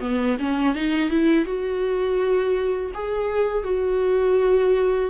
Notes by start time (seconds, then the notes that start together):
0.00 B3
0.39 C#4
0.75 D#4
1.09 E4
1.45 F#4
2.94 G#4
3.64 F#4